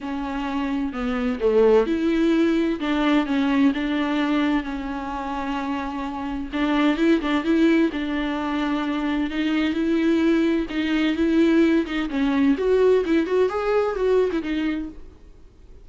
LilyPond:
\new Staff \with { instrumentName = "viola" } { \time 4/4 \tempo 4 = 129 cis'2 b4 a4 | e'2 d'4 cis'4 | d'2 cis'2~ | cis'2 d'4 e'8 d'8 |
e'4 d'2. | dis'4 e'2 dis'4 | e'4. dis'8 cis'4 fis'4 | e'8 fis'8 gis'4 fis'8. e'16 dis'4 | }